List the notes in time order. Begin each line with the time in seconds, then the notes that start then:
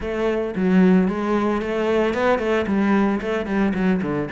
0.00 A3
0.55 F#3
1.08 G#3
1.61 A3
2.14 B3
2.38 A3
2.66 G3
3.21 A3
3.46 G3
3.74 F#3
4.02 D3